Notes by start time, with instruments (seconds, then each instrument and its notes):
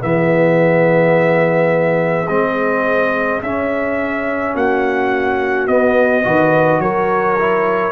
0.00 tuba E3, trombone B3, horn G#4, trumpet E5
2.28 tuba G#3, trombone C4, trumpet D#5
3.42 tuba C#4, trombone C#4, trumpet E5
4.54 tuba A#3, horn F#4, trumpet F#5
5.67 tuba B3, trombone B3, trumpet D#5
6.23 tuba D#3, trombone F#4, horn B4
6.79 tuba F#3, horn A#4, trumpet C#5
7.38 trombone E4